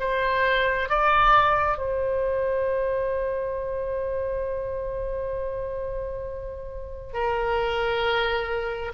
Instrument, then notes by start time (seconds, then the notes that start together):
oboe
0.00 C5
0.89 D5
1.78 C5
7.13 A#4